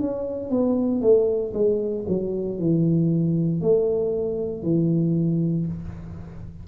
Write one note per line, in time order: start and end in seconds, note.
0.00 0.50 C#4
0.50 1.01 B3
1.01 1.53 A3
1.54 2.05 G#3
2.08 2.59 F#3
2.59 3.62 E3
3.62 4.63 A3
4.63 5.66 E3